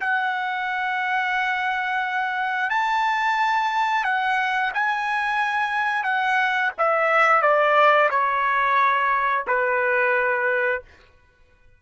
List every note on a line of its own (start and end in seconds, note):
0.00 2.70 F#5
2.70 4.04 A5
4.04 4.71 F#5
4.73 6.03 G#5
6.03 6.71 F#5
6.78 7.42 E5
7.42 8.09 D5
8.10 9.44 C#5
9.47 10.82 B4